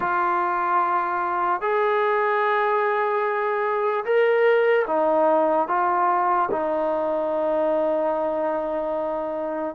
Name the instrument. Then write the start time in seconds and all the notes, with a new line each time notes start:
trombone
0.00 F4
1.61 G#4
4.04 A#4
4.87 D#4
5.68 F4
6.51 D#4